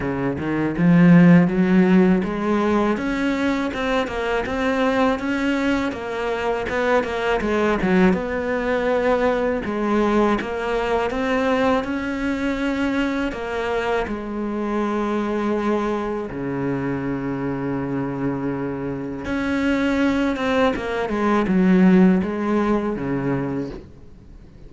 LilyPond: \new Staff \with { instrumentName = "cello" } { \time 4/4 \tempo 4 = 81 cis8 dis8 f4 fis4 gis4 | cis'4 c'8 ais8 c'4 cis'4 | ais4 b8 ais8 gis8 fis8 b4~ | b4 gis4 ais4 c'4 |
cis'2 ais4 gis4~ | gis2 cis2~ | cis2 cis'4. c'8 | ais8 gis8 fis4 gis4 cis4 | }